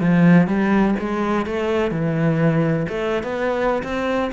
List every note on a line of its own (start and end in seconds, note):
0.00 0.47 F3
0.47 0.94 G3
0.99 1.46 G#3
1.46 1.91 A3
1.91 2.86 E3
2.89 3.23 A3
3.23 3.82 B3
3.83 4.31 C4